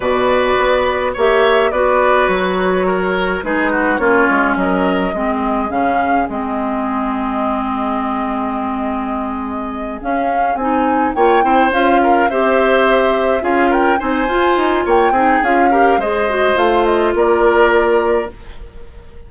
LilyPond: <<
  \new Staff \with { instrumentName = "flute" } { \time 4/4 \tempo 4 = 105 d''2 e''4 d''4 | cis''2 b'4 cis''4 | dis''2 f''4 dis''4~ | dis''1~ |
dis''4. f''4 gis''4 g''8~ | g''8 f''4 e''2 f''8 | g''8 gis''4. g''4 f''4 | dis''4 f''8 dis''8 d''2 | }
  \new Staff \with { instrumentName = "oboe" } { \time 4/4 b'2 cis''4 b'4~ | b'4 ais'4 gis'8 fis'8 f'4 | ais'4 gis'2.~ | gis'1~ |
gis'2.~ gis'8 cis''8 | c''4 ais'8 c''2 gis'8 | ais'8 c''4. cis''8 gis'4 ais'8 | c''2 ais'2 | }
  \new Staff \with { instrumentName = "clarinet" } { \time 4/4 fis'2 g'4 fis'4~ | fis'2 dis'4 cis'4~ | cis'4 c'4 cis'4 c'4~ | c'1~ |
c'4. cis'4 dis'4 f'8 | e'8 f'4 g'2 f'8~ | f'8 dis'8 f'4. dis'8 f'8 g'8 | gis'8 fis'8 f'2. | }
  \new Staff \with { instrumentName = "bassoon" } { \time 4/4 b,4 b4 ais4 b4 | fis2 gis4 ais8 gis8 | fis4 gis4 cis4 gis4~ | gis1~ |
gis4. cis'4 c'4 ais8 | c'8 cis'4 c'2 cis'8~ | cis'8 c'8 f'8 dis'8 ais8 c'8 cis'4 | gis4 a4 ais2 | }
>>